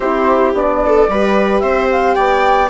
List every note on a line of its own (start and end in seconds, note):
0.00 0.53 C4
0.00 0.55 E4
0.00 0.80 G4
0.00 0.52 C5
0.53 1.07 B3
0.53 1.09 D4
0.53 1.60 D5
0.86 1.10 A4
1.08 1.62 G3
1.08 2.70 G4
1.08 1.62 B4
1.60 2.16 C4
1.60 2.15 C5
1.60 1.87 E5
1.91 2.14 F5
2.14 2.70 B3
2.14 2.69 D5
2.14 2.68 G5